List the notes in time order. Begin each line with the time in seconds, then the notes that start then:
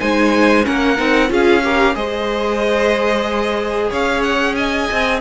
0.00 G#3 D#4 C5 G#5
0.63 A#3 C#4 A#4 F#5
0.97 C4 D#4
1.29 C#4 F4 G#4 F5
1.63 G4 A#4
1.95 G#3 G#4 C5 D#5
3.90 C#4 C#5 F5
4.23 F#5
4.55 D#5 G#5
4.91 C4